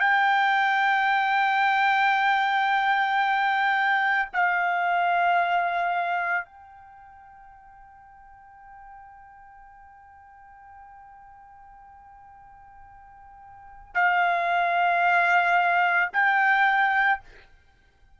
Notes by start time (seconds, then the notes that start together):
0.00 G5
4.32 F5
6.45 G5
13.94 F5
16.13 G5